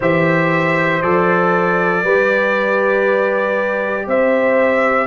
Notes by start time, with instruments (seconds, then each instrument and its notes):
0.00 tuba E3, trombone G4, horn C5, trumpet E5
1.02 tuba F3, trombone A4, trumpet D5
2.03 tuba G3, trombone G4, horn B4
4.07 tuba C4, horn C5, trumpet E5